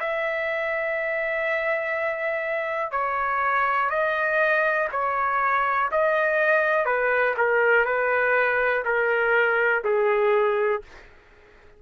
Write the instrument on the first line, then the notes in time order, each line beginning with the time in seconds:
trumpet
0.00 E5
2.92 C#5
3.90 D#5
4.92 C#5
5.92 D#5
6.85 B4
7.38 A#4
7.86 B4
8.85 A#4
9.84 G#4